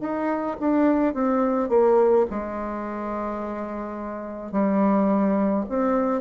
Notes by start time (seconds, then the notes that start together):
0.00 D#4
0.60 D4
1.14 C4
1.69 A#3
2.30 G#3
4.51 G3
5.69 C4